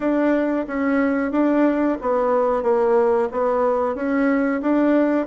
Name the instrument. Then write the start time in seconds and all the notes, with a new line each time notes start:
bassoon
0.00 D4
0.67 C#4
1.31 D4
2.01 B3
2.63 A#3
3.31 B3
3.95 C#4
4.61 D4